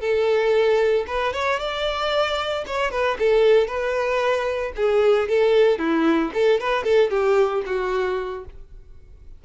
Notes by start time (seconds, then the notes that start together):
0.00 A4
1.07 B4
1.33 C#5
1.59 D5
2.67 C#5
2.91 B4
3.19 A4
3.67 B4
4.76 G#4
5.28 A4
5.78 E4
6.34 A4
6.60 B4
6.84 A4
7.10 G4
7.66 F#4